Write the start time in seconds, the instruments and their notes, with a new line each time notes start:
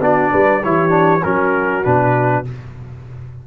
0.00 tuba B3, trombone D4, horn F#4, trumpet D5
0.31 tuba G3, horn B4
0.63 tuba E3, trombone E4, horn G4, trumpet C#5
0.89 trombone D4
1.23 tuba F#3, trombone C#4, horn F#4, trumpet A#4
1.84 tuba B2, trombone D4, trumpet B4